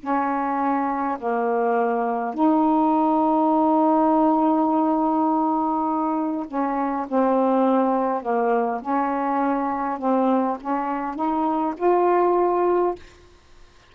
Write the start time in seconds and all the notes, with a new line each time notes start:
0.00 C#4
1.19 A#3
2.34 D#4
6.48 C#4
7.08 C4
8.22 A#3
8.82 C#4
9.99 C4
10.61 C#4
11.16 D#4
11.77 F4